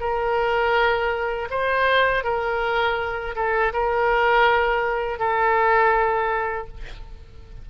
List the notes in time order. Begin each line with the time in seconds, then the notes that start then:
0.00 A#4
1.49 C5
2.24 A#4
3.35 A4
3.73 A#4
5.19 A4